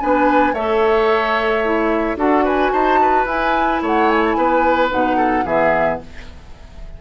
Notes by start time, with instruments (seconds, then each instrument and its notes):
0.00 bassoon B3, clarinet D4, oboe B4, flute G#5
0.53 bassoon A3, clarinet A4, oboe C#5, flute E5
1.64 clarinet E4
2.16 bassoon D4, clarinet F#4, oboe A4, flute F#5
2.44 oboe B4, flute G#5
2.71 bassoon D#4, oboe C5, flute A5
3.02 oboe B4
3.25 bassoon E4, clarinet E4, flute G#5
3.82 bassoon A3, oboe C#5, flute F#5
4.10 flute G#5
4.24 flute A5
4.33 bassoon B3, oboe B4, flute G#5
4.90 bassoon B2, clarinet D#4, flute F#5
5.17 oboe A4
5.45 bassoon E3, clarinet B3, oboe G#4, flute E5